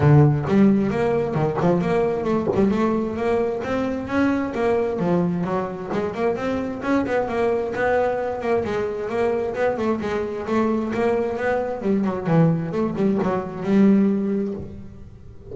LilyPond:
\new Staff \with { instrumentName = "double bass" } { \time 4/4 \tempo 4 = 132 d4 g4 ais4 dis8 f8 | ais4 a8 g8 a4 ais4 | c'4 cis'4 ais4 f4 | fis4 gis8 ais8 c'4 cis'8 b8 |
ais4 b4. ais8 gis4 | ais4 b8 a8 gis4 a4 | ais4 b4 g8 fis8 e4 | a8 g8 fis4 g2 | }